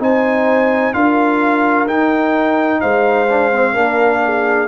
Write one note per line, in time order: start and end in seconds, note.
0.00 0.94 C4
0.00 0.94 D#4
0.00 0.96 C5
0.00 0.94 G#5
0.94 1.87 D4
0.94 1.88 F4
0.94 2.82 A#4
0.94 1.88 F5
1.87 2.81 D#4
1.87 3.29 D#4
1.87 2.81 G5
2.81 3.76 G#3
2.81 3.74 C5
2.81 4.68 F5
3.30 3.53 D4
3.53 3.75 C4
3.74 4.68 A#3
3.74 4.68 D4
3.74 4.21 A#4
4.25 4.68 G#4